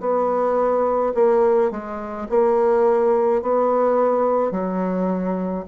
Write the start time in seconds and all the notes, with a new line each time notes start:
0.00 B3
1.14 A#3
1.71 G#3
2.29 A#3
3.42 B3
4.51 F#3